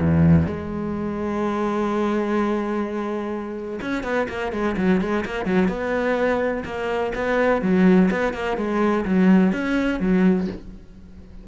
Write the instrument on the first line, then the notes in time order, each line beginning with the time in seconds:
cello
0.00 E2
0.46 G#3
3.81 C#4
4.03 B3
4.28 A#3
4.52 G#3
4.77 F#3
5.01 G#3
5.25 A#3
5.45 F#3
5.68 B3
6.65 A#3
7.15 B3
7.62 F#3
8.11 B3
8.33 A#3
8.57 G#3
9.05 F#3
9.52 C#4
9.99 F#3